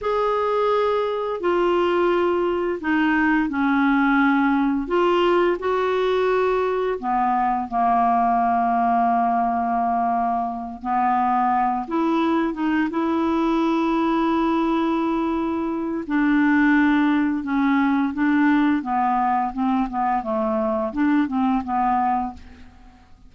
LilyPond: \new Staff \with { instrumentName = "clarinet" } { \time 4/4 \tempo 4 = 86 gis'2 f'2 | dis'4 cis'2 f'4 | fis'2 b4 ais4~ | ais2.~ ais8 b8~ |
b4 e'4 dis'8 e'4.~ | e'2. d'4~ | d'4 cis'4 d'4 b4 | c'8 b8 a4 d'8 c'8 b4 | }